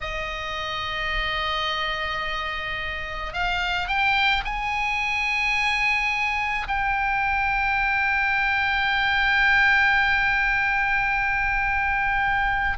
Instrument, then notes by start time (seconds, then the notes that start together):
oboe
0.01 D#5
3.33 F5
3.87 G5
4.44 G#5
6.67 G5